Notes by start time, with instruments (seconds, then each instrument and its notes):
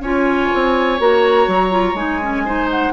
0.00 bassoon C#4, clarinet F4, oboe C#5, flute G#5
0.53 bassoon C4
0.99 bassoon A#3, clarinet F#4, flute A#5
1.47 bassoon F#3
1.70 clarinet F4
1.93 bassoon G#3, clarinet D#4, flute G#5
2.22 clarinet C#4
2.45 clarinet D#4, oboe C5
2.70 flute F#5